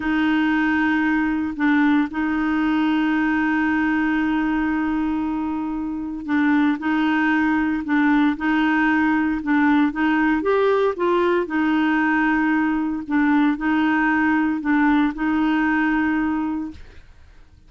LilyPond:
\new Staff \with { instrumentName = "clarinet" } { \time 4/4 \tempo 4 = 115 dis'2. d'4 | dis'1~ | dis'1 | d'4 dis'2 d'4 |
dis'2 d'4 dis'4 | g'4 f'4 dis'2~ | dis'4 d'4 dis'2 | d'4 dis'2. | }